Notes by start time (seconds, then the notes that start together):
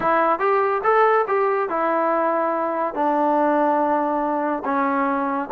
0.00 E4
0.39 G4
0.83 A4
1.27 G4
1.69 E4
2.94 D4
4.64 C#4